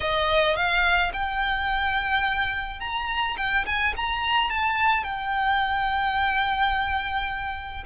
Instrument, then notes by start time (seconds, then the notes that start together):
violin
0.00 D#5
0.56 F5
1.13 G5
2.80 A#5
3.37 G5
3.66 G#5
3.96 A#5
4.50 A5
5.03 G5